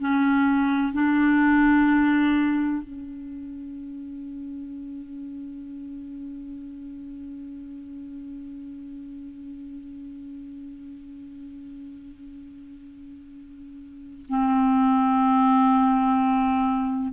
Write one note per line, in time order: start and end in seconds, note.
0.00 0.93 C#4
0.93 2.83 D4
2.83 14.26 C#4
14.29 17.13 C4